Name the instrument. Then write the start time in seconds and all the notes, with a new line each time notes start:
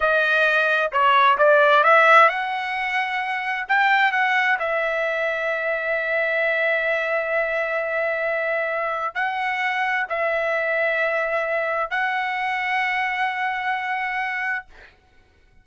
trumpet
0.00 D#5
0.91 C#5
1.38 D5
1.83 E5
2.28 F#5
3.68 G5
4.12 F#5
4.59 E5
9.14 F#5
10.09 E5
11.90 F#5